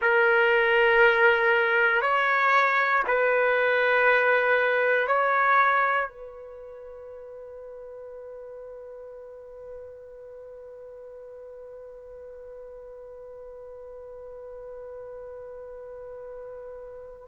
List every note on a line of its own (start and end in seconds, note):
0.01 2.01 A#4
2.01 3.03 C#5
3.07 5.07 B4
5.07 6.08 C#5
6.08 17.27 B4